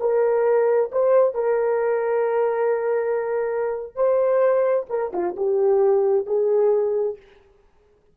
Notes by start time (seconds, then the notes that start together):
0.00 A#4
0.92 C5
1.34 A#4
3.95 C5
4.89 A#4
5.13 F4
5.37 G4
6.26 G#4